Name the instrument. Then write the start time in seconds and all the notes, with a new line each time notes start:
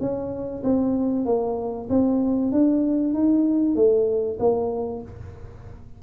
tuba
0.00 C#4
0.63 C4
1.25 A#3
1.89 C4
2.51 D4
3.14 D#4
3.75 A3
4.39 A#3